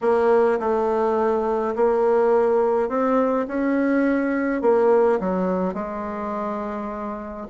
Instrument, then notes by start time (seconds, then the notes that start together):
bassoon
0.01 A#3
0.59 A3
1.75 A#3
2.88 C4
3.47 C#4
4.61 A#3
5.19 F#3
5.74 G#3